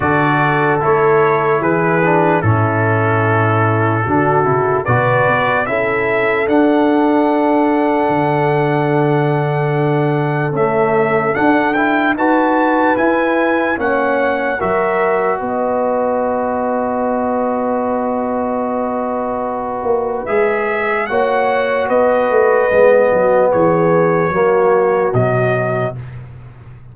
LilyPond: <<
  \new Staff \with { instrumentName = "trumpet" } { \time 4/4 \tempo 4 = 74 d''4 cis''4 b'4 a'4~ | a'2 d''4 e''4 | fis''1~ | fis''4 e''4 fis''8 g''8 a''4 |
gis''4 fis''4 e''4 dis''4~ | dis''1~ | dis''4 e''4 fis''4 dis''4~ | dis''4 cis''2 dis''4 | }
  \new Staff \with { instrumentName = "horn" } { \time 4/4 a'2 gis'4 e'4~ | e'4 fis'4 b'4 a'4~ | a'1~ | a'2. b'4~ |
b'4 cis''4 ais'4 b'4~ | b'1~ | b'2 cis''4 b'4~ | b'8 fis'8 gis'4 fis'2 | }
  \new Staff \with { instrumentName = "trombone" } { \time 4/4 fis'4 e'4. d'8 cis'4~ | cis'4 d'8 e'8 fis'4 e'4 | d'1~ | d'4 a4 d'8 e'8 fis'4 |
e'4 cis'4 fis'2~ | fis'1~ | fis'4 gis'4 fis'2 | b2 ais4 fis4 | }
  \new Staff \with { instrumentName = "tuba" } { \time 4/4 d4 a4 e4 a,4~ | a,4 d8 cis8 b,8 b8 cis'4 | d'2 d2~ | d4 cis'4 d'4 dis'4 |
e'4 ais4 fis4 b4~ | b1~ | b8 ais8 gis4 ais4 b8 a8 | gis8 fis8 e4 fis4 b,4 | }
>>